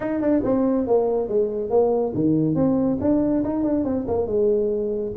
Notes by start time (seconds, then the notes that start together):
0.00 D#4
0.21 D4
0.44 C4
0.86 A#3
1.28 G#3
1.70 A#3
2.14 D#3
2.55 C4
3.01 D4
3.44 D#4
3.63 D4
3.84 C4
4.07 A#3
4.26 G#3